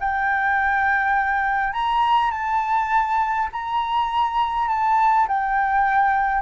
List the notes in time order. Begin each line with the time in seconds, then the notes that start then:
0.00 G5
1.73 A#5
2.31 A5
3.52 A#5
4.68 A5
5.28 G5